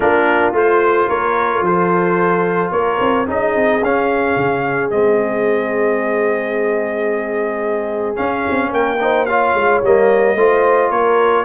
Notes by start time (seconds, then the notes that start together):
0.00 A#3 D4 F4 A#4
0.53 A3 F4 C5
1.08 A#3 A#4 C#5
1.61 F3 A4 C5
2.71 A#3 A#4 C#5
3.00 C4
3.26 C#4 D#4 G#4 D#5
3.55 C4
3.81 C#4 F5
4.36 C#3
4.90 G#3 C4 D#5
8.16 C#4 F5
8.50 C4
8.71 A#3 A#4 G5
9.00 D#4 C5
9.25 F4 C#5 F5
9.54 G#3
9.82 G3 A#3 D#5
10.35 A3 F4 C5
10.89 A#3 A#4 C#5